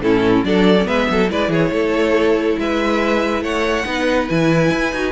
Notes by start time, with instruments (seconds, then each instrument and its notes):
0.00 cello A2, viola C#4, violin E4 A4
0.44 cello F#3, viola D4, violin A4 D5
0.78 viola B3 C#4
0.87 cello G#3, violin B4 E5
1.10 cello F#3, violin A4
1.30 cello G#3, viola E4, violin B4 D5
1.49 cello E3, violin G#4 C#5
1.71 cello A3, violin A4
2.58 cello G#3, violin B4 E5
3.42 cello A3, violin C#5 F#5
3.84 cello B3, viola D#4, violin B4
4.27 cello E3, viola E4, violin G#5
4.71 cello E4
4.92 cello D#4, viola F#4